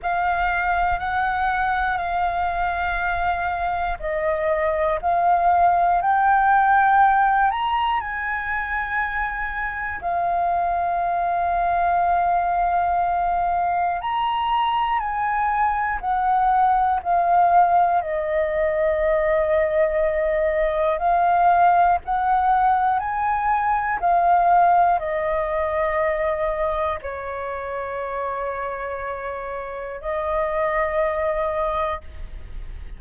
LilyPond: \new Staff \with { instrumentName = "flute" } { \time 4/4 \tempo 4 = 60 f''4 fis''4 f''2 | dis''4 f''4 g''4. ais''8 | gis''2 f''2~ | f''2 ais''4 gis''4 |
fis''4 f''4 dis''2~ | dis''4 f''4 fis''4 gis''4 | f''4 dis''2 cis''4~ | cis''2 dis''2 | }